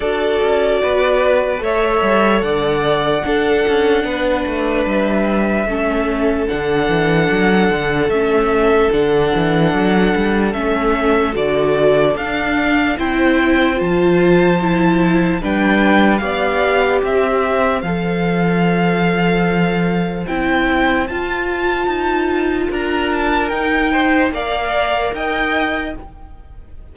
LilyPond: <<
  \new Staff \with { instrumentName = "violin" } { \time 4/4 \tempo 4 = 74 d''2 e''4 fis''4~ | fis''2 e''2 | fis''2 e''4 fis''4~ | fis''4 e''4 d''4 f''4 |
g''4 a''2 g''4 | f''4 e''4 f''2~ | f''4 g''4 a''2 | ais''8 a''8 g''4 f''4 g''4 | }
  \new Staff \with { instrumentName = "violin" } { \time 4/4 a'4 b'4 cis''4 d''4 | a'4 b'2 a'4~ | a'1~ | a'1 |
c''2. b'4 | d''4 c''2.~ | c''1 | ais'4. c''8 d''4 dis''4 | }
  \new Staff \with { instrumentName = "viola" } { \time 4/4 fis'2 a'2 | d'2. cis'4 | d'2 cis'4 d'4~ | d'4 cis'4 fis'4 d'4 |
e'4 f'4 e'4 d'4 | g'2 a'2~ | a'4 e'4 f'2~ | f'4 dis'4 ais'2 | }
  \new Staff \with { instrumentName = "cello" } { \time 4/4 d'8 cis'8 b4 a8 g8 d4 | d'8 cis'8 b8 a8 g4 a4 | d8 e8 fis8 d8 a4 d8 e8 | fis8 g8 a4 d4 d'4 |
c'4 f2 g4 | b4 c'4 f2~ | f4 c'4 f'4 dis'4 | d'4 dis'4 ais4 dis'4 | }
>>